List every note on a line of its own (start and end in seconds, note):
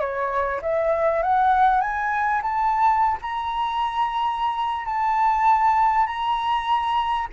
0.00 0.61 C#5
0.62 1.23 E5
1.23 1.81 F#5
1.81 2.42 G#5
2.42 3.18 A5
3.22 4.86 A#5
4.86 6.07 A5
6.07 7.28 A#5